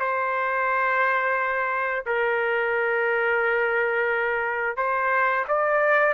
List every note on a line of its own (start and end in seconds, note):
0.00 2.05 C5
2.06 4.77 A#4
4.77 5.45 C5
5.48 6.13 D5